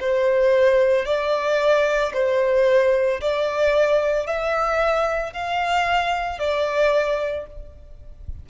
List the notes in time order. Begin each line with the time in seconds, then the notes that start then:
0.00 C5
1.05 D5
2.13 C5
3.21 D5
4.26 E5
5.33 F5
6.38 D5